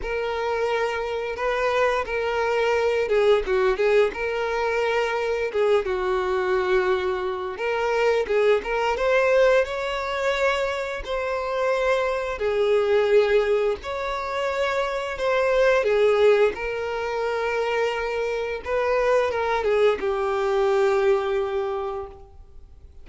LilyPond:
\new Staff \with { instrumentName = "violin" } { \time 4/4 \tempo 4 = 87 ais'2 b'4 ais'4~ | ais'8 gis'8 fis'8 gis'8 ais'2 | gis'8 fis'2~ fis'8 ais'4 | gis'8 ais'8 c''4 cis''2 |
c''2 gis'2 | cis''2 c''4 gis'4 | ais'2. b'4 | ais'8 gis'8 g'2. | }